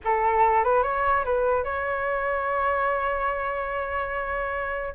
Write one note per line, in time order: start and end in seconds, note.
0.04 0.64 A4
0.64 0.83 B4
0.83 1.24 C#5
1.25 1.63 B4
1.63 4.94 C#5